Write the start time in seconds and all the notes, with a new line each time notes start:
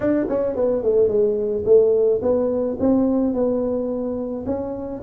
0.00 D4
0.29 C#4
0.55 B3
0.83 A3
1.08 G#3
1.65 A3
2.22 B3
2.79 C4
3.33 B3
4.46 C#4